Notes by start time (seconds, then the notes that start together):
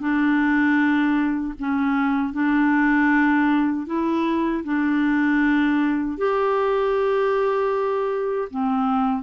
0.00 D4
1.59 C#4
2.33 D4
3.87 E4
4.64 D4
6.18 G4
8.50 C4